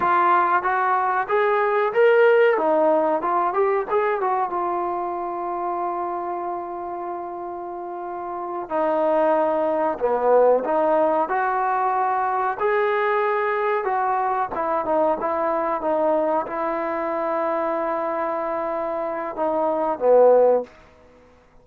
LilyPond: \new Staff \with { instrumentName = "trombone" } { \time 4/4 \tempo 4 = 93 f'4 fis'4 gis'4 ais'4 | dis'4 f'8 g'8 gis'8 fis'8 f'4~ | f'1~ | f'4. dis'2 b8~ |
b8 dis'4 fis'2 gis'8~ | gis'4. fis'4 e'8 dis'8 e'8~ | e'8 dis'4 e'2~ e'8~ | e'2 dis'4 b4 | }